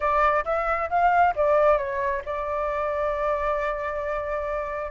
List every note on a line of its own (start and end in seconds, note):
0.00 0.44 D5
0.44 0.89 E5
0.89 1.34 F5
1.35 1.77 D5
1.77 2.22 C#5
2.25 4.91 D5